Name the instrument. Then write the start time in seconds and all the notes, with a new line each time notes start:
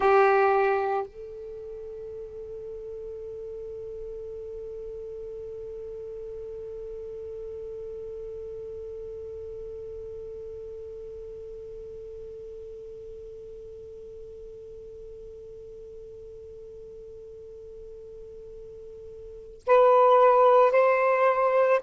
saxophone
0.00 G4
1.06 A4
19.67 B4
20.71 C5